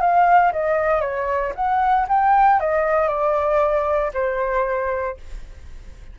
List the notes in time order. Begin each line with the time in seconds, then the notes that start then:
0.00 F5
0.52 D#5
1.01 C#5
1.55 F#5
2.08 G5
2.60 D#5
3.08 D5
4.13 C5